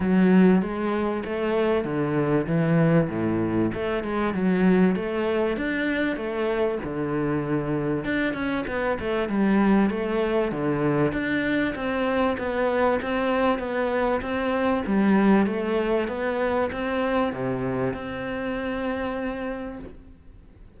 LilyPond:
\new Staff \with { instrumentName = "cello" } { \time 4/4 \tempo 4 = 97 fis4 gis4 a4 d4 | e4 a,4 a8 gis8 fis4 | a4 d'4 a4 d4~ | d4 d'8 cis'8 b8 a8 g4 |
a4 d4 d'4 c'4 | b4 c'4 b4 c'4 | g4 a4 b4 c'4 | c4 c'2. | }